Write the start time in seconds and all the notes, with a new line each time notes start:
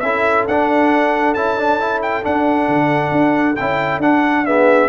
0.00 C#4 E4 A4 E5
0.48 D4 F#5
1.34 C#4 E4 A5
1.58 D4
1.80 E4
2.03 G5
2.23 D4 F#5
2.69 D3
3.12 D4
3.56 C#4 E4 G5
3.98 D4 F#5
4.46 B3 G#4 E5